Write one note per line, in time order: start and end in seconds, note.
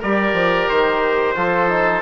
0.00 0.33 G3
0.00 1.36 G4
0.00 1.35 A#4
0.00 0.69 D5
0.33 0.67 F3
0.69 1.36 D#3
0.69 2.02 C5
1.36 2.02 F3
1.36 1.69 F4
1.36 2.02 A4
1.69 2.02 D#4